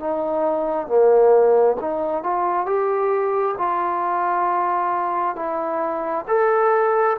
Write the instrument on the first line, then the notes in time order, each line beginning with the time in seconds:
trombone
0.00 D#4
0.88 A#3
1.81 D#4
2.23 F4
2.66 G4
3.58 F4
5.36 E4
6.28 A4